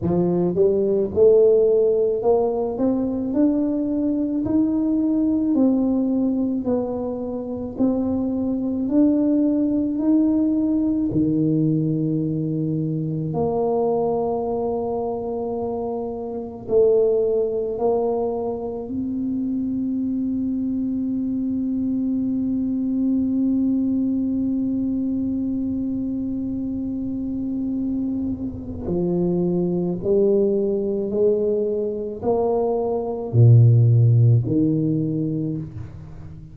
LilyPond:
\new Staff \with { instrumentName = "tuba" } { \time 4/4 \tempo 4 = 54 f8 g8 a4 ais8 c'8 d'4 | dis'4 c'4 b4 c'4 | d'4 dis'4 dis2 | ais2. a4 |
ais4 c'2.~ | c'1~ | c'2 f4 g4 | gis4 ais4 ais,4 dis4 | }